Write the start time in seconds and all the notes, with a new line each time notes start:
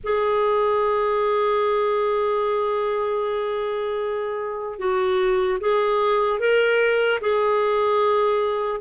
0.03 G#4
4.78 F#4
5.60 G#4
6.39 A#4
7.20 G#4